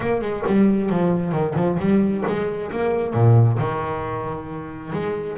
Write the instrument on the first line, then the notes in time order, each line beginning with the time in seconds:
double bass
0.00 A#3
0.21 G#3
0.46 G3
0.89 F3
1.32 D#3
1.55 F3
1.79 G3
2.26 G#3
2.71 A#3
3.13 A#2
3.58 D#3
4.92 G#3